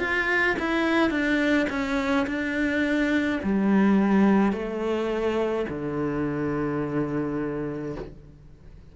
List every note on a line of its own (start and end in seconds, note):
0.00 0.57 F4
0.60 1.11 E4
1.11 1.67 D4
1.70 2.27 C#4
2.27 3.41 D4
3.44 4.53 G3
4.53 5.66 A3
5.70 7.96 D3